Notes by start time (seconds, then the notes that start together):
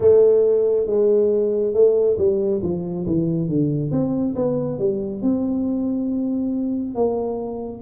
0.00 A3
0.86 G#3
1.74 A3
2.18 G3
2.62 F3
3.06 E3
3.48 D3
3.91 C4
4.35 B3
4.78 G3
5.22 C4
6.94 A#3